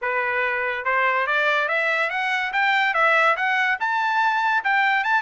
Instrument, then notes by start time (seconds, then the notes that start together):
trumpet
0.01 B4
0.84 C5
1.26 D5
1.68 E5
2.10 F#5
2.52 G5
2.94 E5
3.36 F#5
3.80 A5
4.63 G5
5.04 A5